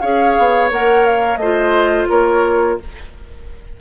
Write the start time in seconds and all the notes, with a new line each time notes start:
0.00 C#4 G#4 C#5 F5
0.38 B3
0.70 A#3 A#4 F#5
1.05 F5
1.37 A3 F4 C5 D#5
2.08 A#3 A#4 C#5